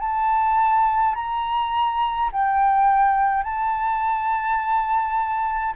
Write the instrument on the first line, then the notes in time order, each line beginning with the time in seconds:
flute
0.00 A5
1.15 A#5
2.32 G5
3.44 A5